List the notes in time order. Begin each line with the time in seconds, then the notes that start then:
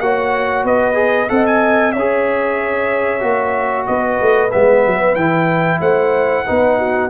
0.00 A#3 F#4 C#5 F#5
0.65 B3 B4 D#5
0.94 G#4
1.29 C4 A4 D#5 F#5
1.47 G#5
1.92 C#4 C#5 E5
1.99 G#4
3.20 A#3 F#4
3.87 B3 B4 D#5
4.21 A3
4.52 G#3 B3 E5
4.87 F#3
5.15 E3 E4 G5
5.81 A3 C5 F#5
6.46 B3 D#4 B4
6.78 F#4